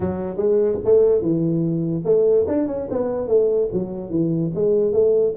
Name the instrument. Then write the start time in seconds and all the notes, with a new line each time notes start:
tuba
0.00 F#3
0.36 G#3
0.84 A3
1.21 E3
2.04 A3
2.47 D4
2.67 C#4
2.90 B3
3.27 A3
3.72 F#3
4.10 E3
4.54 G#3
4.92 A3